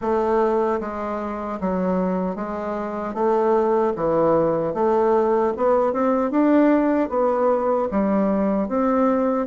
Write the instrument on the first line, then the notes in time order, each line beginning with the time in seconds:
bassoon
0.01 A3
0.80 G#3
1.60 F#3
2.35 G#3
3.14 A3
3.96 E3
4.74 A3
5.56 B3
5.92 C4
6.31 D4
7.09 B3
7.91 G3
8.68 C4